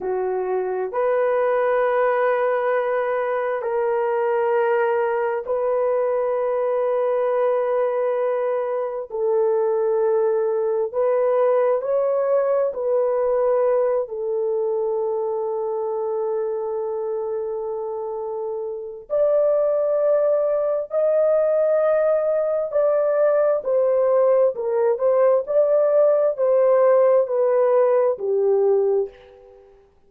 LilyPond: \new Staff \with { instrumentName = "horn" } { \time 4/4 \tempo 4 = 66 fis'4 b'2. | ais'2 b'2~ | b'2 a'2 | b'4 cis''4 b'4. a'8~ |
a'1~ | a'4 d''2 dis''4~ | dis''4 d''4 c''4 ais'8 c''8 | d''4 c''4 b'4 g'4 | }